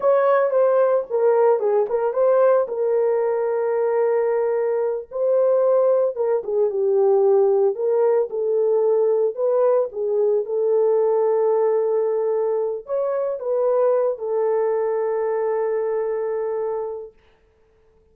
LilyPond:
\new Staff \with { instrumentName = "horn" } { \time 4/4 \tempo 4 = 112 cis''4 c''4 ais'4 gis'8 ais'8 | c''4 ais'2.~ | ais'4. c''2 ais'8 | gis'8 g'2 ais'4 a'8~ |
a'4. b'4 gis'4 a'8~ | a'1 | cis''4 b'4. a'4.~ | a'1 | }